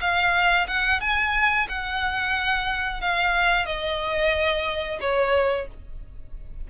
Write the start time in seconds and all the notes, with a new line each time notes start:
0.00 F5
0.67 F#5
1.00 G#5
1.68 F#5
3.01 F5
3.65 D#5
5.00 C#5